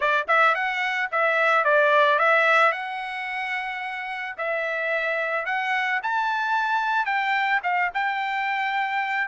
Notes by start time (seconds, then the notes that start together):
0.00 D5
0.27 E5
0.55 F#5
1.11 E5
1.64 D5
2.18 E5
2.71 F#5
4.37 E5
5.45 F#5
6.02 A5
7.05 G5
7.63 F5
7.94 G5